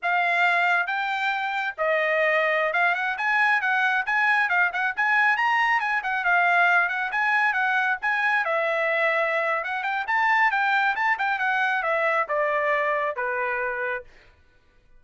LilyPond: \new Staff \with { instrumentName = "trumpet" } { \time 4/4 \tempo 4 = 137 f''2 g''2 | dis''2~ dis''16 f''8 fis''8 gis''8.~ | gis''16 fis''4 gis''4 f''8 fis''8 gis''8.~ | gis''16 ais''4 gis''8 fis''8 f''4. fis''16~ |
fis''16 gis''4 fis''4 gis''4 e''8.~ | e''2 fis''8 g''8 a''4 | g''4 a''8 g''8 fis''4 e''4 | d''2 b'2 | }